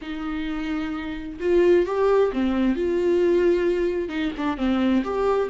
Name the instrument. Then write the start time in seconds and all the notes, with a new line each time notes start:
viola
0.01 D#4
1.40 F4
1.85 G4
2.33 C4
2.75 F4
4.08 D#4
4.37 D4
4.57 C4
5.03 G4